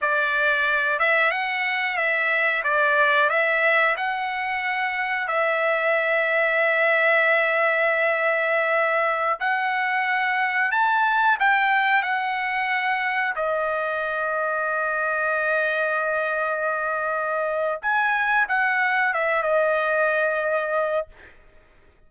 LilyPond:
\new Staff \with { instrumentName = "trumpet" } { \time 4/4 \tempo 4 = 91 d''4. e''8 fis''4 e''4 | d''4 e''4 fis''2 | e''1~ | e''2~ e''16 fis''4.~ fis''16~ |
fis''16 a''4 g''4 fis''4.~ fis''16~ | fis''16 dis''2.~ dis''8.~ | dis''2. gis''4 | fis''4 e''8 dis''2~ dis''8 | }